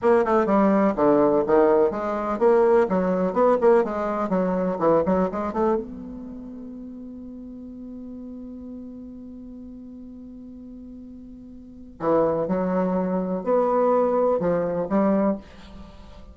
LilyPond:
\new Staff \with { instrumentName = "bassoon" } { \time 4/4 \tempo 4 = 125 ais8 a8 g4 d4 dis4 | gis4 ais4 fis4 b8 ais8 | gis4 fis4 e8 fis8 gis8 a8 | b1~ |
b1~ | b1~ | b4 e4 fis2 | b2 f4 g4 | }